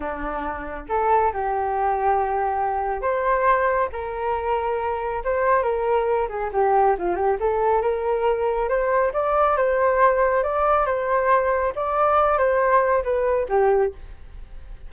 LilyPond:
\new Staff \with { instrumentName = "flute" } { \time 4/4 \tempo 4 = 138 d'2 a'4 g'4~ | g'2. c''4~ | c''4 ais'2. | c''4 ais'4. gis'8 g'4 |
f'8 g'8 a'4 ais'2 | c''4 d''4 c''2 | d''4 c''2 d''4~ | d''8 c''4. b'4 g'4 | }